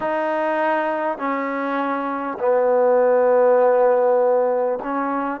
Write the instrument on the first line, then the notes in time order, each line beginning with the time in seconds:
trombone
0.00 D#4
1.18 C#4
2.39 B3
4.83 C#4